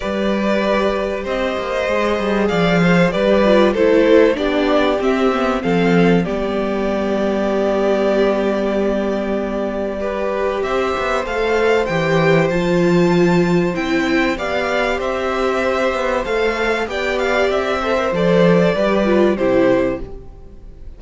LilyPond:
<<
  \new Staff \with { instrumentName = "violin" } { \time 4/4 \tempo 4 = 96 d''2 dis''2 | f''4 d''4 c''4 d''4 | e''4 f''4 d''2~ | d''1~ |
d''4 e''4 f''4 g''4 | a''2 g''4 f''4 | e''2 f''4 g''8 f''8 | e''4 d''2 c''4 | }
  \new Staff \with { instrumentName = "violin" } { \time 4/4 b'2 c''2 | d''8 c''8 b'4 a'4 g'4~ | g'4 a'4 g'2~ | g'1 |
b'4 c''2.~ | c''2. d''4 | c''2. d''4~ | d''8 c''4. b'4 g'4 | }
  \new Staff \with { instrumentName = "viola" } { \time 4/4 g'2. gis'4~ | gis'4 g'8 f'8 e'4 d'4 | c'8 b8 c'4 b2~ | b1 |
g'2 a'4 g'4 | f'2 e'4 g'4~ | g'2 a'4 g'4~ | g'8 a'16 ais'16 a'4 g'8 f'8 e'4 | }
  \new Staff \with { instrumentName = "cello" } { \time 4/4 g2 c'8 ais8 gis8 g8 | f4 g4 a4 b4 | c'4 f4 g2~ | g1~ |
g4 c'8 b8 a4 e4 | f2 c'4 b4 | c'4. b8 a4 b4 | c'4 f4 g4 c4 | }
>>